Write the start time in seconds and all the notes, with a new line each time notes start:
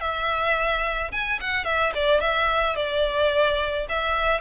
0.00 E5
1.12 G#5
1.40 F#5
1.64 E5
1.94 D5
2.20 E5
2.76 D5
3.89 E5